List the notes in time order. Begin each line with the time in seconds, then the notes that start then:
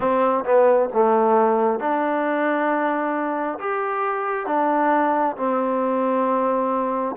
0.00 C4
0.44 B3
0.93 A3
1.79 D4
3.59 G4
4.46 D4
5.36 C4